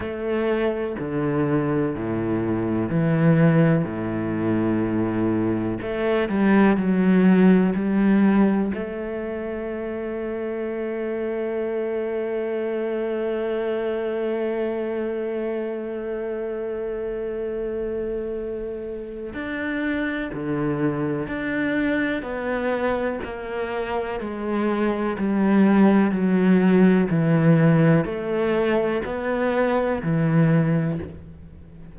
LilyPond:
\new Staff \with { instrumentName = "cello" } { \time 4/4 \tempo 4 = 62 a4 d4 a,4 e4 | a,2 a8 g8 fis4 | g4 a2.~ | a1~ |
a1 | d'4 d4 d'4 b4 | ais4 gis4 g4 fis4 | e4 a4 b4 e4 | }